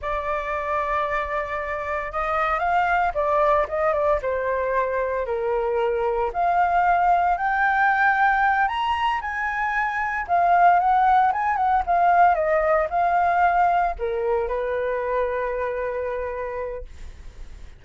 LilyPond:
\new Staff \with { instrumentName = "flute" } { \time 4/4 \tempo 4 = 114 d''1 | dis''4 f''4 d''4 dis''8 d''8 | c''2 ais'2 | f''2 g''2~ |
g''8 ais''4 gis''2 f''8~ | f''8 fis''4 gis''8 fis''8 f''4 dis''8~ | dis''8 f''2 ais'4 b'8~ | b'1 | }